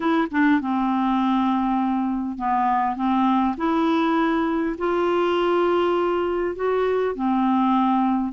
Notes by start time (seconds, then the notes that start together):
0.00 E4
0.31 D4
0.60 C4
2.38 B3
2.96 C4
3.57 E4
4.78 F4
6.55 F#4
7.15 C4